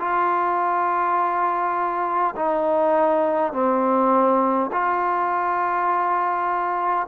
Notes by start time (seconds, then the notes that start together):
0.00 F4
2.36 D#4
3.53 C4
4.72 F4